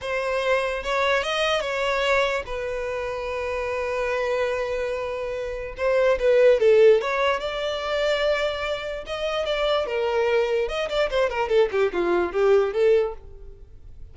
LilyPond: \new Staff \with { instrumentName = "violin" } { \time 4/4 \tempo 4 = 146 c''2 cis''4 dis''4 | cis''2 b'2~ | b'1~ | b'2 c''4 b'4 |
a'4 cis''4 d''2~ | d''2 dis''4 d''4 | ais'2 dis''8 d''8 c''8 ais'8 | a'8 g'8 f'4 g'4 a'4 | }